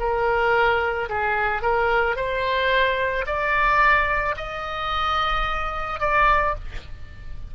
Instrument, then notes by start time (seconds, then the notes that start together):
oboe
0.00 A#4
1.10 G#4
1.63 A#4
2.16 C5
3.26 D5
4.37 D#5
6.00 D5